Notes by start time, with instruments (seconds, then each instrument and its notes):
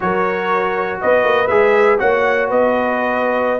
0.00 tuba F#3, trombone F#4, horn A#4, trumpet C#5
1.00 tuba B3, horn B4, trumpet D#5
1.24 tuba A#3
1.47 tuba G#3, trombone G#4, trumpet E5
1.98 tuba A#3, trombone F#4, horn C#5, trumpet F#5
2.48 tuba B3, horn B4, trumpet D#5